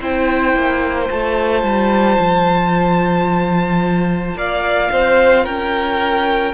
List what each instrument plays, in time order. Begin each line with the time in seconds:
0.00 cello C4, viola E4, violin C5 G5
0.55 cello A#3
1.07 cello A3, viola F4, violin A5
1.62 cello G3
2.19 cello F3
4.34 cello A#3, violin D5 F5
4.92 cello C4, violin C5
5.44 cello C#4, violin A#4 G5